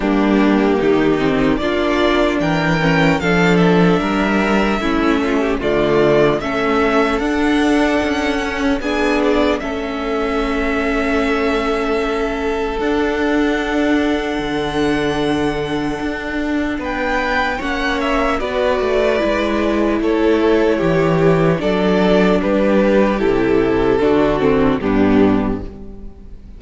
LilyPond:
<<
  \new Staff \with { instrumentName = "violin" } { \time 4/4 \tempo 4 = 75 g'2 d''4 g''4 | f''8 e''2~ e''8 d''4 | e''4 fis''2 gis''8 d''8 | e''1 |
fis''1~ | fis''4 g''4 fis''8 e''8 d''4~ | d''4 cis''2 d''4 | b'4 a'2 g'4 | }
  \new Staff \with { instrumentName = "violin" } { \time 4/4 d'4 dis'4 f'4 ais'4 | a'4 ais'4 e'8 f'16 g'16 f'4 | a'2. gis'4 | a'1~ |
a'1~ | a'4 b'4 cis''4 b'4~ | b'4 a'4 g'4 a'4 | g'2 fis'4 d'4 | }
  \new Staff \with { instrumentName = "viola" } { \time 4/4 ais4. c'8 d'4. cis'8 | d'2 cis'4 a4 | cis'4 d'4. cis'8 d'4 | cis'1 |
d'1~ | d'2 cis'4 fis'4 | e'2. d'4~ | d'4 e'4 d'8 c'8 b4 | }
  \new Staff \with { instrumentName = "cello" } { \time 4/4 g4 dis4 ais4 e4 | f4 g4 a4 d4 | a4 d'4 cis'4 b4 | a1 |
d'2 d2 | d'4 b4 ais4 b8 a8 | gis4 a4 e4 fis4 | g4 c4 d4 g,4 | }
>>